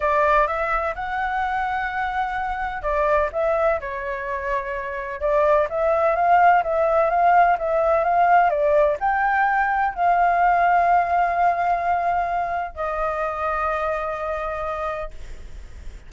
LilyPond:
\new Staff \with { instrumentName = "flute" } { \time 4/4 \tempo 4 = 127 d''4 e''4 fis''2~ | fis''2 d''4 e''4 | cis''2. d''4 | e''4 f''4 e''4 f''4 |
e''4 f''4 d''4 g''4~ | g''4 f''2.~ | f''2. dis''4~ | dis''1 | }